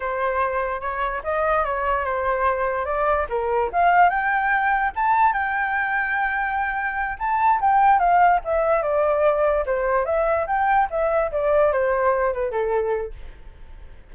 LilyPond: \new Staff \with { instrumentName = "flute" } { \time 4/4 \tempo 4 = 146 c''2 cis''4 dis''4 | cis''4 c''2 d''4 | ais'4 f''4 g''2 | a''4 g''2.~ |
g''4. a''4 g''4 f''8~ | f''8 e''4 d''2 c''8~ | c''8 e''4 g''4 e''4 d''8~ | d''8 c''4. b'8 a'4. | }